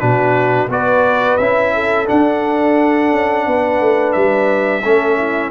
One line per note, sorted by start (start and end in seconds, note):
0.00 0.69 B2
0.00 0.69 D4
0.00 0.70 F#4
0.00 0.69 B4
0.69 1.38 B3
0.69 1.40 F#4
0.69 1.75 B4
0.69 1.38 D5
1.38 2.09 C#4
1.38 2.07 E4
1.38 2.07 E5
1.75 3.47 A4
2.07 4.83 D4
2.07 3.13 D4
2.07 4.13 F#5
3.13 3.47 C#4
3.47 3.81 B3
3.47 4.83 B4
3.81 4.15 A3
4.13 4.85 G3
4.13 5.51 E5
4.83 5.51 A3
4.83 5.51 C#4
4.83 5.17 A4
5.18 5.51 E4